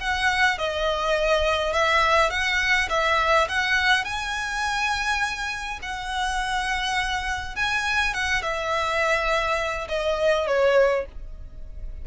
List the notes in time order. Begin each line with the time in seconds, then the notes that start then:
0.00 F#5
0.58 D#5
1.73 E5
2.30 F#5
2.89 E5
3.48 F#5
4.04 G#5
5.82 F#5
7.56 G#5
8.14 F#5
8.42 E5
9.88 D#5
10.47 C#5